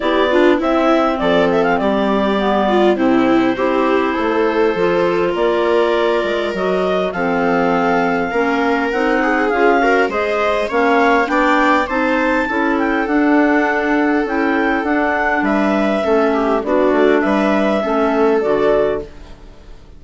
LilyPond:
<<
  \new Staff \with { instrumentName = "clarinet" } { \time 4/4 \tempo 4 = 101 d''4 e''4 d''8 e''16 f''16 d''4~ | d''4 c''2.~ | c''4 d''2 dis''4 | f''2. fis''4 |
f''4 dis''4 f''4 g''4 | a''4. g''8 fis''2 | g''4 fis''4 e''2 | d''4 e''2 d''4 | }
  \new Staff \with { instrumentName = "viola" } { \time 4/4 g'8 f'8 e'4 a'4 g'4~ | g'8 f'8 e'4 g'4 a'4~ | a'4 ais'2. | a'2 ais'4. gis'8~ |
gis'8 ais'8 c''4 cis''4 d''4 | c''4 a'2.~ | a'2 b'4 a'8 g'8 | fis'4 b'4 a'2 | }
  \new Staff \with { instrumentName = "clarinet" } { \time 4/4 e'8 d'8 c'2. | b4 c'4 e'2 | f'2. fis'4 | c'2 cis'4 dis'4 |
f'8 fis'8 gis'4 cis'4 d'4 | dis'4 e'4 d'2 | e'4 d'2 cis'4 | d'2 cis'4 fis'4 | }
  \new Staff \with { instrumentName = "bassoon" } { \time 4/4 b4 c'4 f4 g4~ | g4 c4 c'4 a4 | f4 ais4. gis8 fis4 | f2 ais4 c'4 |
cis'4 gis4 ais4 b4 | c'4 cis'4 d'2 | cis'4 d'4 g4 a4 | b8 a8 g4 a4 d4 | }
>>